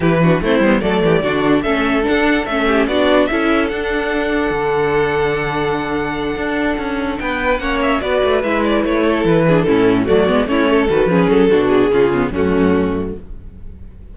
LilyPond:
<<
  \new Staff \with { instrumentName = "violin" } { \time 4/4 \tempo 4 = 146 b'4 c''4 d''2 | e''4 fis''4 e''4 d''4 | e''4 fis''2.~ | fis''1~ |
fis''4. g''4 fis''8 e''8 d''8~ | d''8 e''8 d''8 cis''4 b'4 a'8~ | a'8 d''4 cis''4 b'4 a'8~ | a'8 gis'4. fis'2 | }
  \new Staff \with { instrumentName = "violin" } { \time 4/4 g'8 fis'8 e'4 a'8 g'8 fis'4 | a'2~ a'8 g'8 fis'4 | a'1~ | a'1~ |
a'4. b'4 cis''4 b'8~ | b'2 a'4 gis'8 e'8~ | e'8 fis'4 e'8 a'4 gis'4 | fis'4 f'4 cis'2 | }
  \new Staff \with { instrumentName = "viola" } { \time 4/4 e'8 d'8 c'8 b8 a4 d'4 | cis'4 d'4 cis'4 d'4 | e'4 d'2.~ | d'1~ |
d'2~ d'8 cis'4 fis'8~ | fis'8 e'2~ e'8 d'8 cis'8~ | cis'8 a8 b8 cis'4 fis'8 cis'4 | d'4 cis'8 b8 a2 | }
  \new Staff \with { instrumentName = "cello" } { \time 4/4 e4 a8 g8 fis8 e8 d4 | a4 d'4 a4 b4 | cis'4 d'2 d4~ | d2.~ d8 d'8~ |
d'8 cis'4 b4 ais4 b8 | a8 gis4 a4 e4 a,8~ | a,8 fis8 gis8 a4 dis8 f8 fis8 | b,4 cis4 fis,2 | }
>>